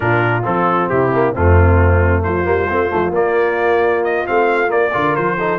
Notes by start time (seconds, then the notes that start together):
0.00 A#2 D4 F4 A#4
0.43 F3 C4 A4
0.89 C3 E4 G4
1.12 A#3
1.32 F2 A3 C4 F4
2.23 F3 F4 C5
2.44 G3 A#3
2.69 A3 C4
2.89 F3 A3
3.10 A#3 D5
4.03 D#5
4.25 A3 C4 F5
4.67 A#3 D5
4.92 D3 F4 A#4
5.15 F3 C5
5.37 D#4 A4